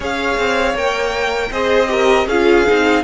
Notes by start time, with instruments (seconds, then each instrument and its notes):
0.00 cello C#4, viola G#4, violin C#5 F5
0.37 cello C4
0.74 cello A#3, viola A#4, violin G5
1.50 cello C4, viola G#4, violin C5 D#5
1.87 viola G4, violin A#4
2.26 cello C#4, viola F4, violin G#4 F5
2.66 cello C4, viola D#4